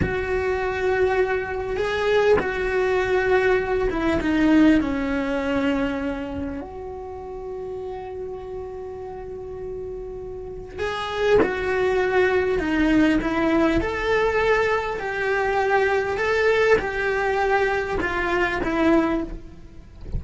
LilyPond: \new Staff \with { instrumentName = "cello" } { \time 4/4 \tempo 4 = 100 fis'2. gis'4 | fis'2~ fis'8 e'8 dis'4 | cis'2. fis'4~ | fis'1~ |
fis'2 gis'4 fis'4~ | fis'4 dis'4 e'4 a'4~ | a'4 g'2 a'4 | g'2 f'4 e'4 | }